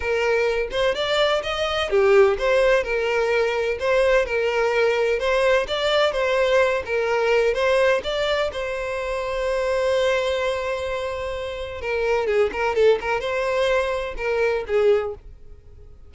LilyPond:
\new Staff \with { instrumentName = "violin" } { \time 4/4 \tempo 4 = 127 ais'4. c''8 d''4 dis''4 | g'4 c''4 ais'2 | c''4 ais'2 c''4 | d''4 c''4. ais'4. |
c''4 d''4 c''2~ | c''1~ | c''4 ais'4 gis'8 ais'8 a'8 ais'8 | c''2 ais'4 gis'4 | }